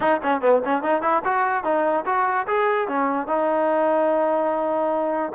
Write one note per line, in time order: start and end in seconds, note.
0.00 0.20 D#4
0.22 0.41 C#4
0.41 0.61 B3
0.64 0.82 C#4
0.82 1.02 D#4
1.02 1.22 E4
1.24 1.63 F#4
1.63 2.05 D#4
2.05 2.46 F#4
2.47 2.87 G#4
2.87 3.27 C#4
3.27 5.32 D#4